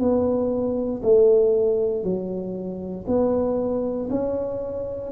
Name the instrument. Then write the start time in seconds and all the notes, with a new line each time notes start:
tuba
0.00 B3
1.03 A3
2.04 F#3
3.07 B3
4.10 C#4